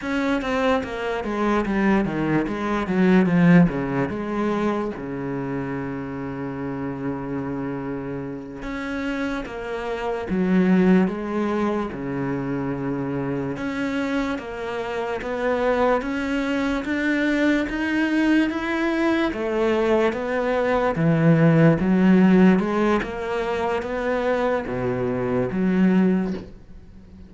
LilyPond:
\new Staff \with { instrumentName = "cello" } { \time 4/4 \tempo 4 = 73 cis'8 c'8 ais8 gis8 g8 dis8 gis8 fis8 | f8 cis8 gis4 cis2~ | cis2~ cis8 cis'4 ais8~ | ais8 fis4 gis4 cis4.~ |
cis8 cis'4 ais4 b4 cis'8~ | cis'8 d'4 dis'4 e'4 a8~ | a8 b4 e4 fis4 gis8 | ais4 b4 b,4 fis4 | }